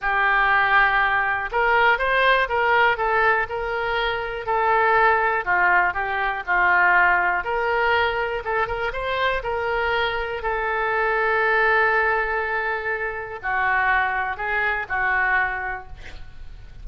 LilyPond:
\new Staff \with { instrumentName = "oboe" } { \time 4/4 \tempo 4 = 121 g'2. ais'4 | c''4 ais'4 a'4 ais'4~ | ais'4 a'2 f'4 | g'4 f'2 ais'4~ |
ais'4 a'8 ais'8 c''4 ais'4~ | ais'4 a'2.~ | a'2. fis'4~ | fis'4 gis'4 fis'2 | }